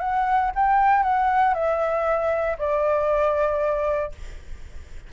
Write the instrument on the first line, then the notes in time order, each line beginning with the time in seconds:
flute
0.00 F#5
0.55 G5
1.03 F#5
1.54 E5
2.58 D5